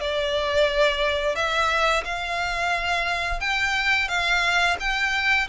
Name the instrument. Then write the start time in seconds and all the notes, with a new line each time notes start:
violin
0.00 D5
1.35 E5
2.04 F5
3.40 G5
4.08 F5
4.79 G5